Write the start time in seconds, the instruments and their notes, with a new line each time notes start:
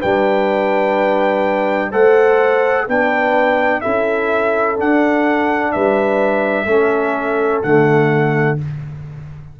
0.00 tuba G3, trombone D4, horn B4, trumpet G5
1.91 tuba A3, trombone A4, horn C5, trumpet F#5
2.87 tuba B3, trombone D4, horn B4, trumpet G5
3.81 tuba C#4, trombone E4, horn A4, trumpet E5
4.76 trombone D4, tuba D4, trumpet F#5
5.72 tuba G3, horn B4, trumpet E5
6.66 tuba A3, trombone C#4, horn A4
7.63 tuba D3, trombone A3, trumpet F#5